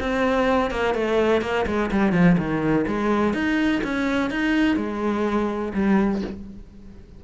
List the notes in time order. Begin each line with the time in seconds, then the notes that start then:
0.00 C4
0.71 A#3
0.94 A3
1.42 A#3
1.66 G#3
1.91 G3
2.12 F3
2.38 D#3
2.87 G#3
3.34 D#4
3.84 C#4
4.30 D#4
4.76 G#3
5.74 G3